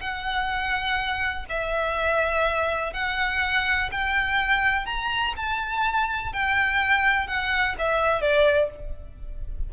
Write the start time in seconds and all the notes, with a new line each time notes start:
0.00 F#5
1.49 E5
2.93 F#5
3.91 G5
4.85 A#5
5.36 A5
6.33 G5
7.27 F#5
7.78 E5
8.21 D5